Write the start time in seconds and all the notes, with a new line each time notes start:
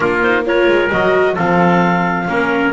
0.00 A#3 D4 F4 A#4
0.22 D#4 C5
0.45 F4 A#4 C#5
0.68 G#3
0.91 F#3 F#4 D#5
1.34 F3 C4 A4 F5
2.27 A#3 C#4 A#4